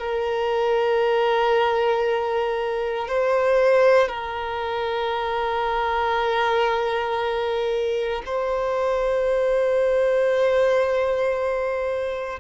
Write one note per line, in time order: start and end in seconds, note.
0.00 3.08 A#4
3.08 4.09 C5
4.09 8.23 A#4
8.26 12.40 C5